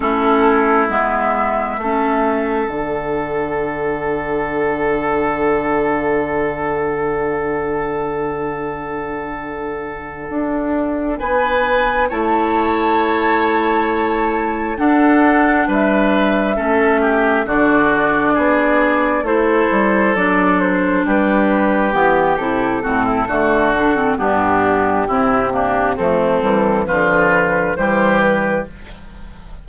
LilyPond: <<
  \new Staff \with { instrumentName = "flute" } { \time 4/4 \tempo 4 = 67 a'4 e''2 fis''4~ | fis''1~ | fis''1~ | fis''8 gis''4 a''2~ a''8~ |
a''8 fis''4 e''2 d''8~ | d''4. c''4 d''8 c''8 b'8~ | b'8 g'8 a'2 g'4~ | g'4 a'4 b'4 c''8 b'8 | }
  \new Staff \with { instrumentName = "oboe" } { \time 4/4 e'2 a'2~ | a'1~ | a'1~ | a'8 b'4 cis''2~ cis''8~ |
cis''8 a'4 b'4 a'8 g'8 fis'8~ | fis'8 gis'4 a'2 g'8~ | g'4. fis'16 e'16 fis'4 d'4 | e'8 d'8 c'4 f'4 g'4 | }
  \new Staff \with { instrumentName = "clarinet" } { \time 4/4 cis'4 b4 cis'4 d'4~ | d'1~ | d'1~ | d'4. e'2~ e'8~ |
e'8 d'2 cis'4 d'8~ | d'4. e'4 d'4.~ | d'8 b8 e'8 c'8 a8 d'16 c'16 b4 | c'8 ais8 a8 g8 f4 g4 | }
  \new Staff \with { instrumentName = "bassoon" } { \time 4/4 a4 gis4 a4 d4~ | d1~ | d2.~ d8 d'8~ | d'8 b4 a2~ a8~ |
a8 d'4 g4 a4 d8~ | d8 b4 a8 g8 fis4 g8~ | g8 e8 c8 a,8 d4 g,4 | c4 f8 e8 d4 e4 | }
>>